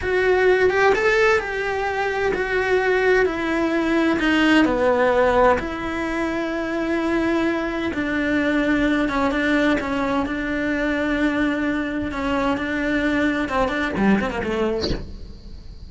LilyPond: \new Staff \with { instrumentName = "cello" } { \time 4/4 \tempo 4 = 129 fis'4. g'8 a'4 g'4~ | g'4 fis'2 e'4~ | e'4 dis'4 b2 | e'1~ |
e'4 d'2~ d'8 cis'8 | d'4 cis'4 d'2~ | d'2 cis'4 d'4~ | d'4 c'8 d'8 g8 c'16 ais16 a4 | }